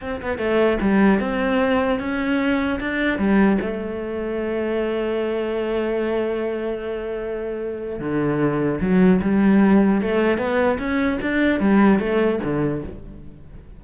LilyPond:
\new Staff \with { instrumentName = "cello" } { \time 4/4 \tempo 4 = 150 c'8 b8 a4 g4 c'4~ | c'4 cis'2 d'4 | g4 a2.~ | a1~ |
a1 | d2 fis4 g4~ | g4 a4 b4 cis'4 | d'4 g4 a4 d4 | }